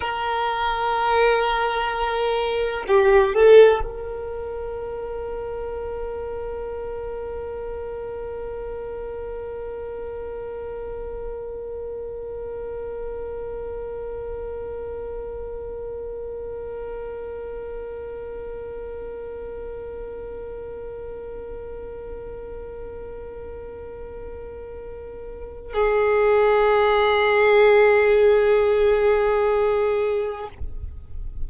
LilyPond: \new Staff \with { instrumentName = "violin" } { \time 4/4 \tempo 4 = 63 ais'2. g'8 a'8 | ais'1~ | ais'1~ | ais'1~ |
ais'1~ | ais'1~ | ais'2. gis'4~ | gis'1 | }